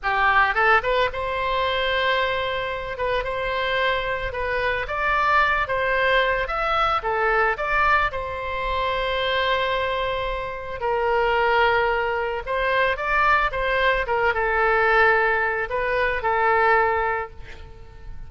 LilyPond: \new Staff \with { instrumentName = "oboe" } { \time 4/4 \tempo 4 = 111 g'4 a'8 b'8 c''2~ | c''4. b'8 c''2 | b'4 d''4. c''4. | e''4 a'4 d''4 c''4~ |
c''1 | ais'2. c''4 | d''4 c''4 ais'8 a'4.~ | a'4 b'4 a'2 | }